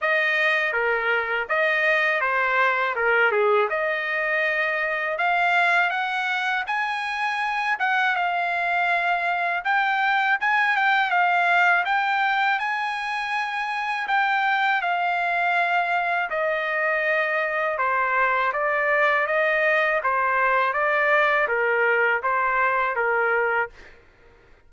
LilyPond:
\new Staff \with { instrumentName = "trumpet" } { \time 4/4 \tempo 4 = 81 dis''4 ais'4 dis''4 c''4 | ais'8 gis'8 dis''2 f''4 | fis''4 gis''4. fis''8 f''4~ | f''4 g''4 gis''8 g''8 f''4 |
g''4 gis''2 g''4 | f''2 dis''2 | c''4 d''4 dis''4 c''4 | d''4 ais'4 c''4 ais'4 | }